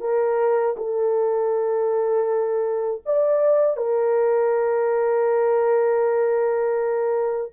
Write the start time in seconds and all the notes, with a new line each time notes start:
0.00 A#4
0.76 A4
3.05 D5
3.76 A#4